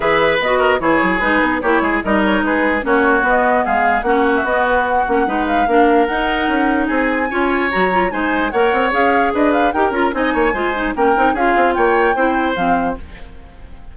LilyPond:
<<
  \new Staff \with { instrumentName = "flute" } { \time 4/4 \tempo 4 = 148 e''4 dis''4 cis''4 b'4 | cis''4 dis''8 cis''8 b'4 cis''4 | dis''4 f''4 fis''8. e''16 dis''8 b'8 | fis''4. f''4. fis''4~ |
fis''4 gis''2 ais''4 | gis''4 fis''4 f''4 dis''8 f''8 | g''8 ais''8 gis''2 g''4 | f''4 g''2 f''4 | }
  \new Staff \with { instrumentName = "oboe" } { \time 4/4 b'4. ais'8 gis'2 | g'8 gis'8 ais'4 gis'4 fis'4~ | fis'4 gis'4 fis'2~ | fis'4 b'4 ais'2~ |
ais'4 gis'4 cis''2 | c''4 cis''2 b'4 | ais'4 dis''8 cis''8 c''4 ais'4 | gis'4 cis''4 c''2 | }
  \new Staff \with { instrumentName = "clarinet" } { \time 4/4 gis'4 fis'4 e'4 dis'4 | e'4 dis'2 cis'4 | b2 cis'4 b4~ | b8 cis'8 dis'4 d'4 dis'4~ |
dis'2 f'4 fis'8 f'8 | dis'4 ais'4 gis'2 | g'8 f'8 dis'4 f'8 dis'8 cis'8 dis'8 | f'2 e'4 c'4 | }
  \new Staff \with { instrumentName = "bassoon" } { \time 4/4 e4 b4 e8 fis8 gis8 b8 | ais8 gis8 g4 gis4 ais4 | b4 gis4 ais4 b4~ | b8 ais8 gis4 ais4 dis'4 |
cis'4 c'4 cis'4 fis4 | gis4 ais8 c'8 cis'4 d'4 | dis'8 cis'8 c'8 ais8 gis4 ais8 c'8 | cis'8 c'8 ais4 c'4 f4 | }
>>